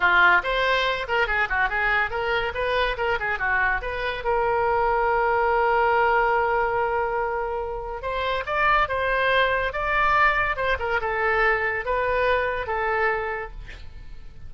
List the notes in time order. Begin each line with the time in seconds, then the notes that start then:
0.00 F4
0.43 C5
1.08 A#4
1.27 G#4
1.49 F#4
1.69 G#4
2.10 A#4
2.54 B4
2.97 A#4
3.19 G#4
3.38 F#4
3.81 B4
4.24 A#4
8.01 C5
8.46 D5
8.88 C5
9.72 D5
10.56 C5
10.79 A#4
11.01 A4
11.85 B4
12.66 A4